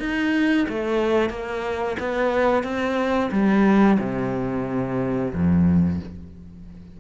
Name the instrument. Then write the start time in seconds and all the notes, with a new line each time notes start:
cello
0.00 D#4
0.69 A3
1.30 A#3
2.00 B3
2.64 C4
3.32 G3
4.00 C3
5.34 F2